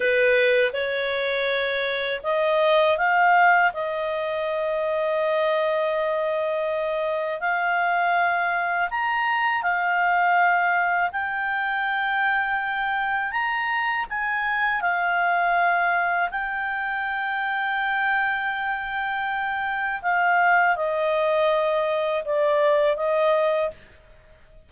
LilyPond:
\new Staff \with { instrumentName = "clarinet" } { \time 4/4 \tempo 4 = 81 b'4 cis''2 dis''4 | f''4 dis''2.~ | dis''2 f''2 | ais''4 f''2 g''4~ |
g''2 ais''4 gis''4 | f''2 g''2~ | g''2. f''4 | dis''2 d''4 dis''4 | }